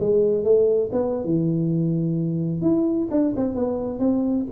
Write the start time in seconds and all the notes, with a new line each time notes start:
0.00 G#3
0.44 A3
0.92 B3
1.25 E3
2.62 E4
3.11 D4
3.37 C4
3.55 B3
4.00 C4